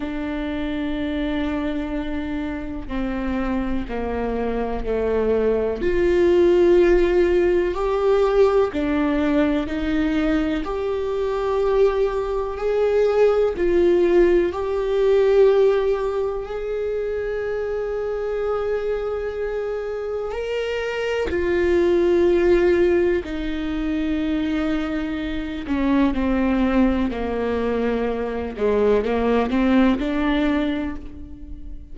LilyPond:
\new Staff \with { instrumentName = "viola" } { \time 4/4 \tempo 4 = 62 d'2. c'4 | ais4 a4 f'2 | g'4 d'4 dis'4 g'4~ | g'4 gis'4 f'4 g'4~ |
g'4 gis'2.~ | gis'4 ais'4 f'2 | dis'2~ dis'8 cis'8 c'4 | ais4. gis8 ais8 c'8 d'4 | }